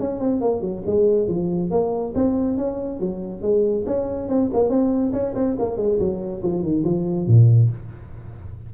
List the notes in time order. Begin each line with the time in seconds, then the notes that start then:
0.00 C#4
0.20 C4
0.41 A#3
0.61 F#3
0.87 G#3
1.28 F3
1.71 A#3
2.15 C4
2.58 C#4
3.00 F#3
3.42 G#3
3.87 C#4
4.29 C4
4.54 A#3
4.70 C4
5.13 C#4
5.35 C4
5.59 A#3
5.77 G#3
6.00 F#3
6.43 F3
6.63 D#3
6.85 F3
7.27 A#2